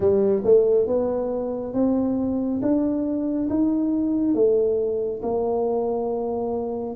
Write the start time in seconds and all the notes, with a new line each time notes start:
0.00 G3
0.44 A3
0.86 B3
1.74 C4
2.62 D4
3.49 D#4
4.34 A3
5.22 A#3